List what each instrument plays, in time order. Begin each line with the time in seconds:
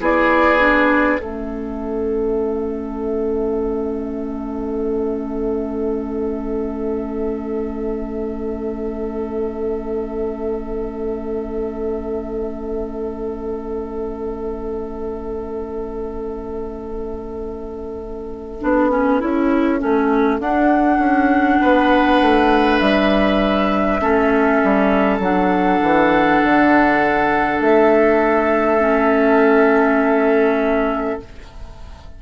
0.00 bassoon B3, clarinet E4, oboe G#4, flute D5
0.59 clarinet D4
1.20 bassoon A3, clarinet C#4, oboe A4, flute E5
18.61 bassoon B3, clarinet D4
18.91 clarinet C#4
19.21 bassoon C#4, clarinet E4
19.80 bassoon A3, clarinet C#4
20.40 bassoon D4, clarinet D4, flute F#5
20.99 bassoon C#4
21.61 bassoon B3, oboe B4
22.22 bassoon A3
22.80 bassoon G3, flute E5
24.01 bassoon A3, clarinet C#4, oboe A4
24.64 bassoon G3
25.19 bassoon F#3, clarinet D4, flute F#5
25.83 bassoon E3
26.43 bassoon D3
27.61 bassoon A3, flute E5
28.80 clarinet C#4